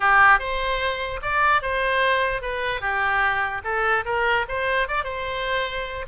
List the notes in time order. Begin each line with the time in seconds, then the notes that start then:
0.00 G4
0.39 C5
1.22 D5
1.61 C5
2.41 B4
2.80 G4
3.63 A4
4.05 A#4
4.48 C5
4.88 D5
5.04 C5